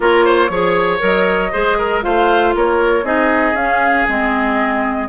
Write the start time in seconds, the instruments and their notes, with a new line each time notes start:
0.00 bassoon A#3, clarinet F4, oboe A#4, flute C#5
0.25 oboe C5
0.49 bassoon F3, clarinet G#4, oboe C#5
0.99 bassoon F#3, clarinet A#4, flute D#5
1.52 bassoon G#3, clarinet G#4, oboe C5
1.78 oboe A#4
2.01 bassoon A3, clarinet F4, oboe C5, flute F5
2.54 bassoon A#3, oboe A#4, flute C#5
3.03 bassoon C4, clarinet D#4, oboe G#4, flute D#5
3.53 bassoon C#4, clarinet C#4, flute F5
4.08 bassoon G#3, clarinet C4, flute D#5